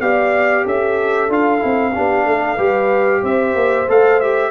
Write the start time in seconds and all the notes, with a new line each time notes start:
0.00 B3 G4 D5 F5
0.64 C#4 A4 E5
1.29 D4 F4 F5
1.59 C4 E4
1.94 B3 D4 G4
2.26 A3 A4
2.56 G3 G4 B4
3.23 C4 C5 E5
3.55 A#3
3.89 A3 A4 F5
4.21 G4 E5